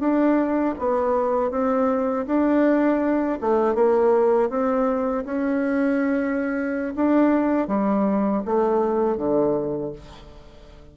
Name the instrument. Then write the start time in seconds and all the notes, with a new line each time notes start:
bassoon
0.00 D4
0.79 B3
1.51 C4
2.27 D4
3.41 A3
3.75 A#3
4.50 C4
5.26 C#4
6.96 D4
7.68 G3
8.46 A3
9.18 D3